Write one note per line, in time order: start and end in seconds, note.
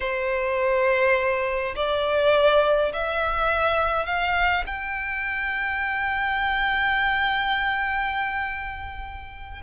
0.00 1.74 C5
1.75 2.92 D5
2.93 4.06 E5
4.06 4.64 F5
4.66 9.61 G5